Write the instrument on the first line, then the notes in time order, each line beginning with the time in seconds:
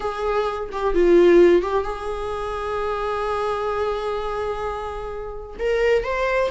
viola
0.00 G#4
0.72 G4
0.94 F4
1.62 G4
1.84 G#4
5.59 A#4
6.04 C5